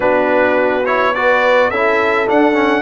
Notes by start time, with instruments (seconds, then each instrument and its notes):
0.00 tuba B3, trombone D4, horn F#4, trumpet B4
0.85 trombone E4, trumpet C#5
1.14 trombone F#4, horn B4, trumpet D5
1.70 tuba C#4, trombone E4, horn A4, trumpet E5
2.26 trombone D4, tuba D4, trumpet F#5
2.53 trombone C#4